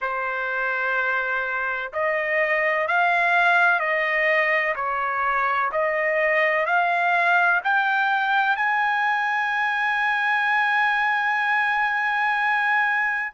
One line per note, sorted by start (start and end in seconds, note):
0.01 1.91 C5
1.92 2.87 D#5
2.87 3.79 F5
3.79 4.74 D#5
4.75 5.71 C#5
5.71 6.66 D#5
6.66 7.61 F5
7.64 8.56 G5
8.56 13.32 G#5